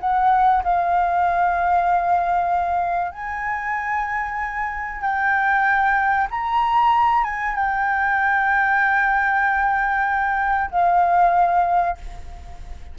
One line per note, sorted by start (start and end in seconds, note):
0.00 0.63 F#5
0.63 3.11 F5
3.11 5.01 G#5
5.01 6.28 G5
6.30 7.24 A#5
7.24 7.55 G#5
7.55 10.71 G5
10.71 11.97 F5